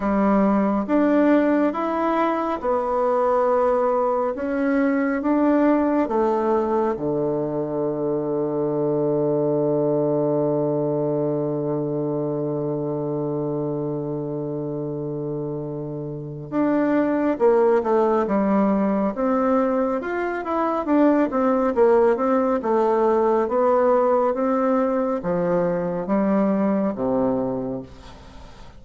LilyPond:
\new Staff \with { instrumentName = "bassoon" } { \time 4/4 \tempo 4 = 69 g4 d'4 e'4 b4~ | b4 cis'4 d'4 a4 | d1~ | d1~ |
d2. d'4 | ais8 a8 g4 c'4 f'8 e'8 | d'8 c'8 ais8 c'8 a4 b4 | c'4 f4 g4 c4 | }